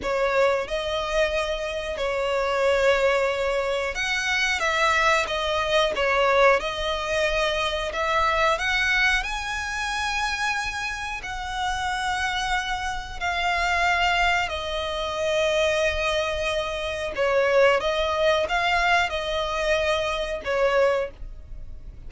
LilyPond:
\new Staff \with { instrumentName = "violin" } { \time 4/4 \tempo 4 = 91 cis''4 dis''2 cis''4~ | cis''2 fis''4 e''4 | dis''4 cis''4 dis''2 | e''4 fis''4 gis''2~ |
gis''4 fis''2. | f''2 dis''2~ | dis''2 cis''4 dis''4 | f''4 dis''2 cis''4 | }